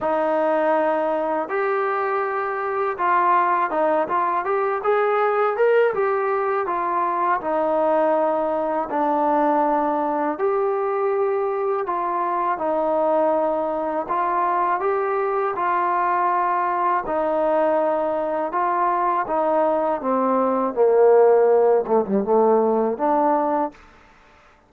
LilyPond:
\new Staff \with { instrumentName = "trombone" } { \time 4/4 \tempo 4 = 81 dis'2 g'2 | f'4 dis'8 f'8 g'8 gis'4 ais'8 | g'4 f'4 dis'2 | d'2 g'2 |
f'4 dis'2 f'4 | g'4 f'2 dis'4~ | dis'4 f'4 dis'4 c'4 | ais4. a16 g16 a4 d'4 | }